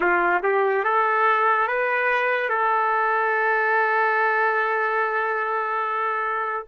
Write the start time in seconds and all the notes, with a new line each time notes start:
0.00 F4
0.42 G4
0.84 A4
1.67 B4
2.49 A4